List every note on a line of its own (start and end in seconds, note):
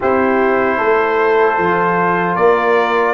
0.00 0.79 C4
0.00 1.59 E4
0.00 0.77 G4
0.00 2.35 C5
0.77 1.58 A3
0.77 2.35 A4
1.58 2.36 F3
1.58 3.13 F4
2.35 3.13 A#3
2.35 3.13 A#4
2.35 3.13 D5